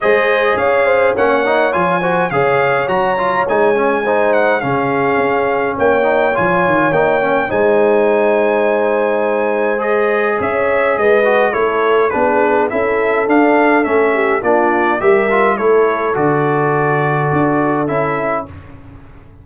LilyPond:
<<
  \new Staff \with { instrumentName = "trumpet" } { \time 4/4 \tempo 4 = 104 dis''4 f''4 fis''4 gis''4 | f''4 ais''4 gis''4. fis''8 | f''2 g''4 gis''4 | g''4 gis''2.~ |
gis''4 dis''4 e''4 dis''4 | cis''4 b'4 e''4 f''4 | e''4 d''4 e''4 cis''4 | d''2. e''4 | }
  \new Staff \with { instrumentName = "horn" } { \time 4/4 c''4 cis''8 c''8 cis''4. c''8 | cis''2. c''4 | gis'2 cis''2~ | cis''4 c''2.~ |
c''2 cis''4 b'4 | a'4 gis'4 a'2~ | a'8 g'8 f'4 ais'4 a'4~ | a'1 | }
  \new Staff \with { instrumentName = "trombone" } { \time 4/4 gis'2 cis'8 dis'8 f'8 fis'8 | gis'4 fis'8 f'8 dis'8 cis'8 dis'4 | cis'2~ cis'8 dis'8 f'4 | dis'8 cis'8 dis'2.~ |
dis'4 gis'2~ gis'8 fis'8 | e'4 d'4 e'4 d'4 | cis'4 d'4 g'8 f'8 e'4 | fis'2. e'4 | }
  \new Staff \with { instrumentName = "tuba" } { \time 4/4 gis4 cis'4 ais4 f4 | cis4 fis4 gis2 | cis4 cis'4 ais4 f8 dis8 | ais4 gis2.~ |
gis2 cis'4 gis4 | a4 b4 cis'4 d'4 | a4 ais4 g4 a4 | d2 d'4 cis'4 | }
>>